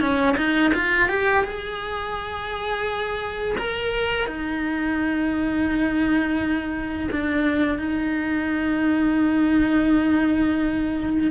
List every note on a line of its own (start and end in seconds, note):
0.00 0.35 C#4
0.37 0.72 D#4
0.74 1.08 F4
1.08 1.43 G4
1.43 3.55 G#4
3.57 4.26 A#4
4.26 7.08 D#4
7.11 7.78 D4
7.78 11.31 D#4